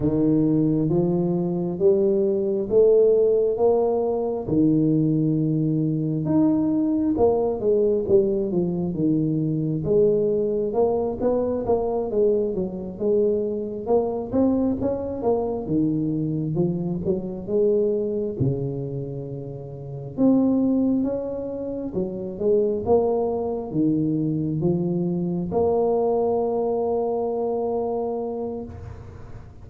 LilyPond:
\new Staff \with { instrumentName = "tuba" } { \time 4/4 \tempo 4 = 67 dis4 f4 g4 a4 | ais4 dis2 dis'4 | ais8 gis8 g8 f8 dis4 gis4 | ais8 b8 ais8 gis8 fis8 gis4 ais8 |
c'8 cis'8 ais8 dis4 f8 fis8 gis8~ | gis8 cis2 c'4 cis'8~ | cis'8 fis8 gis8 ais4 dis4 f8~ | f8 ais2.~ ais8 | }